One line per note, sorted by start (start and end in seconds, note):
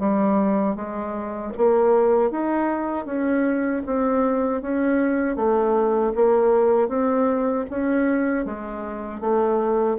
0.00 0.76 G3
0.76 1.53 G#3
1.58 2.31 A#3
2.31 3.06 D#4
3.06 3.83 C#4
3.87 4.62 C4
4.62 5.36 C#4
5.36 6.13 A3
6.16 6.89 A#3
6.89 7.66 C4
7.71 8.46 C#4
8.46 9.21 G#3
9.21 9.98 A3